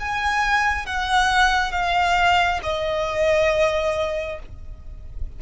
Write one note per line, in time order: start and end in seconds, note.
0.00 0.86 G#5
0.86 1.72 F#5
1.72 2.60 F5
2.63 4.40 D#5